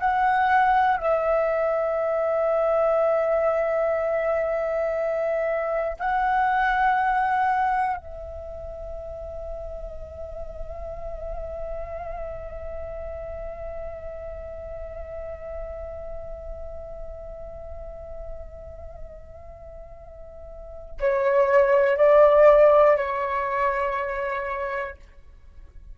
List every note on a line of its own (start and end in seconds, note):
0.00 0.97 F#5
0.97 5.97 E5
5.99 7.97 F#5
7.97 20.97 E5
21.00 21.97 C#5
21.97 22.97 D5
22.97 24.97 C#5